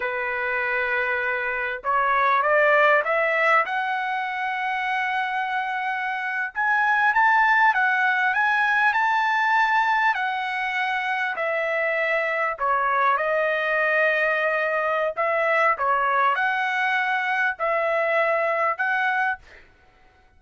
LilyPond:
\new Staff \with { instrumentName = "trumpet" } { \time 4/4 \tempo 4 = 99 b'2. cis''4 | d''4 e''4 fis''2~ | fis''2~ fis''8. gis''4 a''16~ | a''8. fis''4 gis''4 a''4~ a''16~ |
a''8. fis''2 e''4~ e''16~ | e''8. cis''4 dis''2~ dis''16~ | dis''4 e''4 cis''4 fis''4~ | fis''4 e''2 fis''4 | }